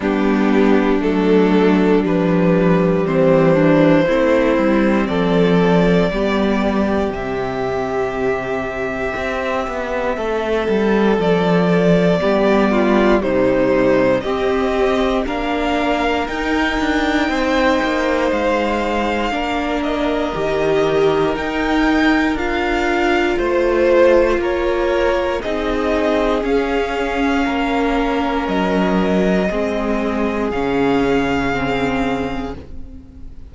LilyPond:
<<
  \new Staff \with { instrumentName = "violin" } { \time 4/4 \tempo 4 = 59 g'4 a'4 b'4 c''4~ | c''4 d''2 e''4~ | e''2. d''4~ | d''4 c''4 dis''4 f''4 |
g''2 f''4. dis''8~ | dis''4 g''4 f''4 c''4 | cis''4 dis''4 f''2 | dis''2 f''2 | }
  \new Staff \with { instrumentName = "violin" } { \time 4/4 d'2. c'8 d'8 | e'4 a'4 g'2~ | g'2 a'2 | g'8 f'8 dis'4 g'4 ais'4~ |
ais'4 c''2 ais'4~ | ais'2. c''4 | ais'4 gis'2 ais'4~ | ais'4 gis'2. | }
  \new Staff \with { instrumentName = "viola" } { \time 4/4 b4 a4 g2 | c'2 b4 c'4~ | c'1 | b4 g4 c'4 d'4 |
dis'2. d'4 | g'4 dis'4 f'2~ | f'4 dis'4 cis'2~ | cis'4 c'4 cis'4 c'4 | }
  \new Staff \with { instrumentName = "cello" } { \time 4/4 g4 fis4 f4 e4 | a8 g8 f4 g4 c4~ | c4 c'8 b8 a8 g8 f4 | g4 c4 c'4 ais4 |
dis'8 d'8 c'8 ais8 gis4 ais4 | dis4 dis'4 d'4 a4 | ais4 c'4 cis'4 ais4 | fis4 gis4 cis2 | }
>>